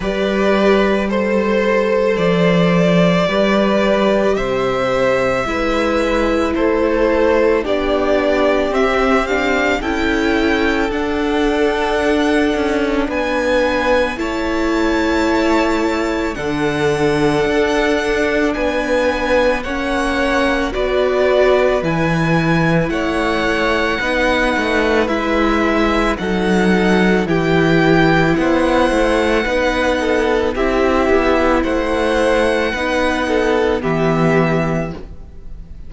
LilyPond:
<<
  \new Staff \with { instrumentName = "violin" } { \time 4/4 \tempo 4 = 55 d''4 c''4 d''2 | e''2 c''4 d''4 | e''8 f''8 g''4 fis''2 | gis''4 a''2 fis''4~ |
fis''4 gis''4 fis''4 d''4 | gis''4 fis''2 e''4 | fis''4 g''4 fis''2 | e''4 fis''2 e''4 | }
  \new Staff \with { instrumentName = "violin" } { \time 4/4 b'4 c''2 b'4 | c''4 b'4 a'4 g'4~ | g'4 a'2. | b'4 cis''2 a'4~ |
a'4 b'4 cis''4 b'4~ | b'4 cis''4 b'2 | a'4 g'4 c''4 b'8 a'8 | g'4 c''4 b'8 a'8 g'4 | }
  \new Staff \with { instrumentName = "viola" } { \time 4/4 g'4 a'2 g'4~ | g'4 e'2 d'4 | c'8 d'8 e'4 d'2~ | d'4 e'2 d'4~ |
d'2 cis'4 fis'4 | e'2 dis'4 e'4 | dis'4 e'2 dis'4 | e'2 dis'4 b4 | }
  \new Staff \with { instrumentName = "cello" } { \time 4/4 g2 f4 g4 | c4 gis4 a4 b4 | c'4 cis'4 d'4. cis'8 | b4 a2 d4 |
d'4 b4 ais4 b4 | e4 a4 b8 a8 gis4 | fis4 e4 b8 a8 b4 | c'8 b8 a4 b4 e4 | }
>>